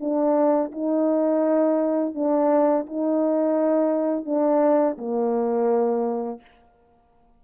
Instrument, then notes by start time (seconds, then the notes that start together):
horn
0.00 D4
0.72 D#4
2.15 D4
2.87 D#4
4.26 D4
4.98 A#3